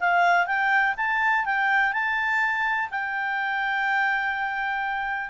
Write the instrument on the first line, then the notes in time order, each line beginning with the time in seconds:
clarinet
0.00 F5
0.47 G5
0.97 A5
1.45 G5
1.93 A5
2.91 G5